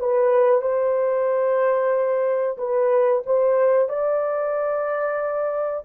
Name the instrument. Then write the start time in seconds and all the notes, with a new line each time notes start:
horn
0.00 B4
0.62 C5
2.58 B4
3.26 C5
3.89 D5